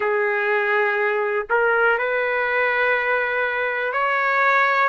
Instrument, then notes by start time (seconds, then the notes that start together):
trumpet
0.00 G#4
1.50 A#4
1.98 B4
3.93 C#5